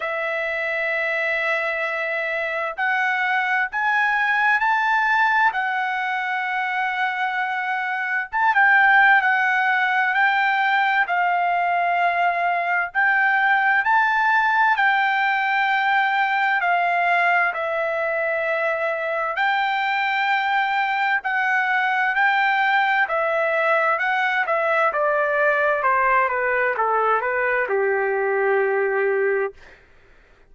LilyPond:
\new Staff \with { instrumentName = "trumpet" } { \time 4/4 \tempo 4 = 65 e''2. fis''4 | gis''4 a''4 fis''2~ | fis''4 a''16 g''8. fis''4 g''4 | f''2 g''4 a''4 |
g''2 f''4 e''4~ | e''4 g''2 fis''4 | g''4 e''4 fis''8 e''8 d''4 | c''8 b'8 a'8 b'8 g'2 | }